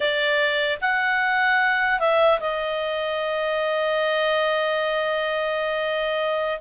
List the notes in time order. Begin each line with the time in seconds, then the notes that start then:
0.00 D5
0.81 F#5
1.99 E5
2.40 D#5